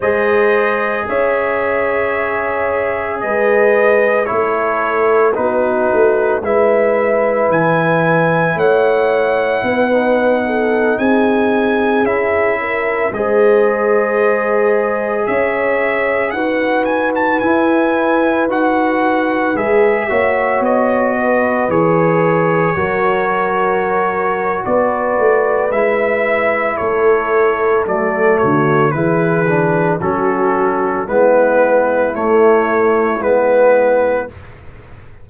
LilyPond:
<<
  \new Staff \with { instrumentName = "trumpet" } { \time 4/4 \tempo 4 = 56 dis''4 e''2 dis''4 | cis''4 b'4 e''4 gis''4 | fis''2~ fis''16 gis''4 e''8.~ | e''16 dis''2 e''4 fis''8 gis''16 |
a''16 gis''4 fis''4 e''4 dis''8.~ | dis''16 cis''2~ cis''8. d''4 | e''4 cis''4 d''8 cis''8 b'4 | a'4 b'4 cis''4 b'4 | }
  \new Staff \with { instrumentName = "horn" } { \time 4/4 c''4 cis''2 b'4 | a'4 fis'4 b'2 | cis''4 b'8. a'8 gis'4. ais'16~ | ais'16 c''2 cis''4 b'8.~ |
b'2~ b'8. cis''4 b'16~ | b'4~ b'16 ais'4.~ ais'16 b'4~ | b'4 a'4. fis'8 gis'4 | fis'4 e'2. | }
  \new Staff \with { instrumentName = "trombone" } { \time 4/4 gis'1 | e'4 dis'4 e'2~ | e'4~ e'16 dis'2 e'8.~ | e'16 gis'2. fis'8.~ |
fis'16 e'4 fis'4 gis'8 fis'4~ fis'16~ | fis'16 gis'4 fis'2~ fis'8. | e'2 a4 e'8 d'8 | cis'4 b4 a4 b4 | }
  \new Staff \with { instrumentName = "tuba" } { \time 4/4 gis4 cis'2 gis4 | a4 b8 a8 gis4 e4 | a4 b4~ b16 c'4 cis'8.~ | cis'16 gis2 cis'4 dis'8.~ |
dis'16 e'4 dis'4 gis8 ais8 b8.~ | b16 e4 fis4.~ fis16 b8 a8 | gis4 a4 fis8 d8 e4 | fis4 gis4 a4 gis4 | }
>>